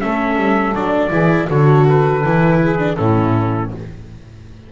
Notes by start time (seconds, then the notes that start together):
0.00 A3 C#4 A4 E5
0.36 G3
0.75 F#3 D4 D5
1.10 E3 E4 G#4
1.48 D3 F#4 A4 C#5
1.90 B4
2.24 E3 E4
2.61 G#4
2.79 D4
2.97 A2 C#4 E4 A4